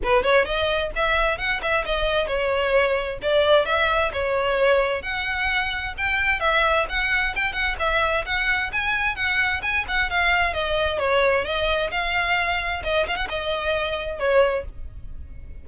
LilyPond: \new Staff \with { instrumentName = "violin" } { \time 4/4 \tempo 4 = 131 b'8 cis''8 dis''4 e''4 fis''8 e''8 | dis''4 cis''2 d''4 | e''4 cis''2 fis''4~ | fis''4 g''4 e''4 fis''4 |
g''8 fis''8 e''4 fis''4 gis''4 | fis''4 gis''8 fis''8 f''4 dis''4 | cis''4 dis''4 f''2 | dis''8 f''16 fis''16 dis''2 cis''4 | }